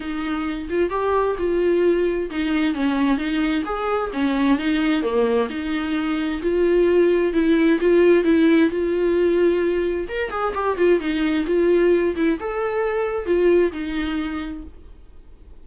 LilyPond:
\new Staff \with { instrumentName = "viola" } { \time 4/4 \tempo 4 = 131 dis'4. f'8 g'4 f'4~ | f'4 dis'4 cis'4 dis'4 | gis'4 cis'4 dis'4 ais4 | dis'2 f'2 |
e'4 f'4 e'4 f'4~ | f'2 ais'8 gis'8 g'8 f'8 | dis'4 f'4. e'8 a'4~ | a'4 f'4 dis'2 | }